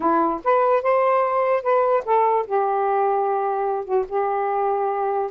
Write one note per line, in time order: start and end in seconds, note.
0.00 0.40 E4
0.44 0.82 B4
0.82 1.62 C5
1.62 2.03 B4
2.05 2.46 A4
2.46 3.84 G4
3.84 4.05 F#4
4.09 5.31 G4